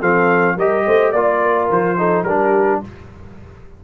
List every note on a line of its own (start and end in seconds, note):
0.00 0.56 F3
0.00 0.57 C4
0.00 0.56 A4
0.00 0.58 F5
0.56 0.84 G3
0.56 1.16 G4
0.56 0.84 A#4
0.56 1.12 D#5
0.86 1.13 A3
0.86 1.13 C5
1.12 1.69 A#3
1.12 1.98 F4
1.12 1.68 D5
1.12 1.41 D5
1.42 1.98 A#4
1.70 2.24 F3
1.70 2.24 C5
1.98 2.26 D#4
1.98 2.26 A4
2.24 2.80 G3
2.24 2.84 D4
2.24 2.82 G4
2.24 2.80 A#4